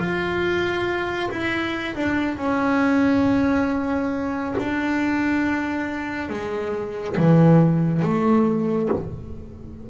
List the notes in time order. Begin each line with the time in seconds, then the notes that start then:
0.00 F4
1.31 E4
1.95 D4
2.38 C#4
4.59 D4
6.30 G#3
7.18 E3
8.03 A3